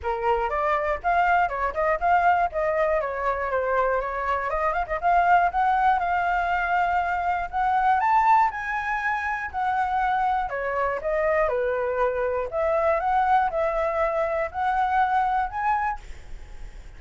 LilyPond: \new Staff \with { instrumentName = "flute" } { \time 4/4 \tempo 4 = 120 ais'4 d''4 f''4 cis''8 dis''8 | f''4 dis''4 cis''4 c''4 | cis''4 dis''8 f''16 dis''16 f''4 fis''4 | f''2. fis''4 |
a''4 gis''2 fis''4~ | fis''4 cis''4 dis''4 b'4~ | b'4 e''4 fis''4 e''4~ | e''4 fis''2 gis''4 | }